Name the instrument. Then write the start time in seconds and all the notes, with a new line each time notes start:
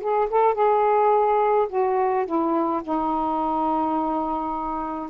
saxophone
0.00 G#4
0.30 A4
0.54 G#4
1.69 F#4
2.26 E4
2.83 D#4